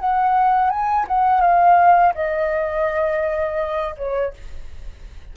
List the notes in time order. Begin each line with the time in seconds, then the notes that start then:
0.00 F#5
0.70 G#5
1.08 F#5
1.41 F5
2.15 D#5
3.98 C#5